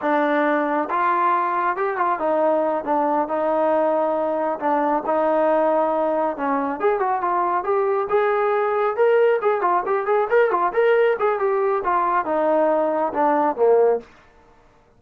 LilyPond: \new Staff \with { instrumentName = "trombone" } { \time 4/4 \tempo 4 = 137 d'2 f'2 | g'8 f'8 dis'4. d'4 dis'8~ | dis'2~ dis'8 d'4 dis'8~ | dis'2~ dis'8 cis'4 gis'8 |
fis'8 f'4 g'4 gis'4.~ | gis'8 ais'4 gis'8 f'8 g'8 gis'8 ais'8 | f'8 ais'4 gis'8 g'4 f'4 | dis'2 d'4 ais4 | }